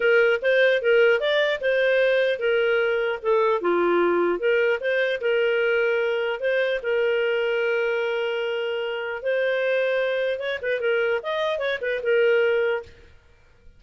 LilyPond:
\new Staff \with { instrumentName = "clarinet" } { \time 4/4 \tempo 4 = 150 ais'4 c''4 ais'4 d''4 | c''2 ais'2 | a'4 f'2 ais'4 | c''4 ais'2. |
c''4 ais'2.~ | ais'2. c''4~ | c''2 cis''8 b'8 ais'4 | dis''4 cis''8 b'8 ais'2 | }